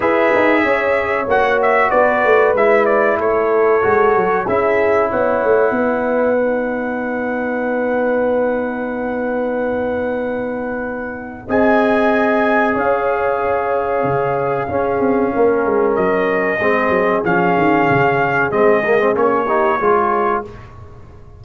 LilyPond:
<<
  \new Staff \with { instrumentName = "trumpet" } { \time 4/4 \tempo 4 = 94 e''2 fis''8 e''8 d''4 | e''8 d''8 cis''2 e''4 | fis''1~ | fis''1~ |
fis''2 gis''2 | f''1~ | f''4 dis''2 f''4~ | f''4 dis''4 cis''2 | }
  \new Staff \with { instrumentName = "horn" } { \time 4/4 b'4 cis''2 b'4~ | b'4 a'2 gis'4 | cis''4 b'2.~ | b'1~ |
b'2 dis''2 | cis''2. gis'4 | ais'2 gis'2~ | gis'2~ gis'8 g'8 gis'4 | }
  \new Staff \with { instrumentName = "trombone" } { \time 4/4 gis'2 fis'2 | e'2 fis'4 e'4~ | e'2 dis'2~ | dis'1~ |
dis'2 gis'2~ | gis'2. cis'4~ | cis'2 c'4 cis'4~ | cis'4 c'8 ais16 c'16 cis'8 dis'8 f'4 | }
  \new Staff \with { instrumentName = "tuba" } { \time 4/4 e'8 dis'8 cis'4 ais4 b8 a8 | gis4 a4 gis8 fis8 cis'4 | b8 a8 b2.~ | b1~ |
b2 c'2 | cis'2 cis4 cis'8 c'8 | ais8 gis8 fis4 gis8 fis8 f8 dis8 | cis4 gis4 ais4 gis4 | }
>>